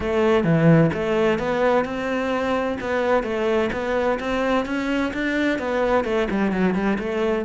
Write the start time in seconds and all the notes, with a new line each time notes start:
0.00 A3
0.44 E3
0.93 A3
1.38 B3
1.84 C4
2.80 B3
3.23 A3
3.72 B3
4.19 C4
4.65 C#4
5.13 D4
5.58 B3
6.04 A3
6.30 G3
6.51 F#3
6.74 G3
6.98 A3